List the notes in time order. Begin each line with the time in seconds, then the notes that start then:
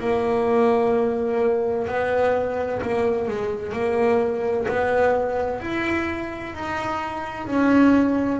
0.00 A#3
1.87 B3
2.82 A#3
3.28 G#3
3.73 A#3
4.68 B3
5.60 E4
6.54 D#4
7.47 C#4